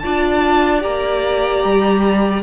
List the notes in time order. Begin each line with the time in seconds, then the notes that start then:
0.00 D4 F4 D5 A5
0.81 A#3 G4 A#5
1.64 G3